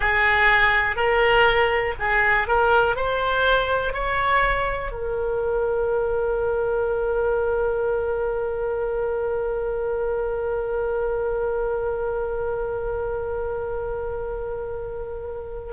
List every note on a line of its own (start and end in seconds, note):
0.00 0.96 G#4
0.96 1.94 A#4
1.99 2.47 G#4
2.47 2.96 A#4
2.96 3.93 C5
3.93 4.91 C#5
4.91 15.73 A#4